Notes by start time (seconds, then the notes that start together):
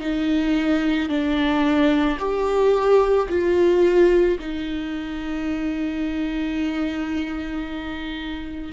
0.00 D#4
1.09 D4
2.19 G4
3.29 F4
4.39 D#4